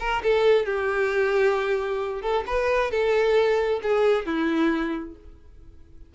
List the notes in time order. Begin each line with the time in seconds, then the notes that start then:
0.00 A#4
0.23 A4
0.66 G4
2.22 A4
2.47 B4
2.91 A4
3.83 G#4
4.26 E4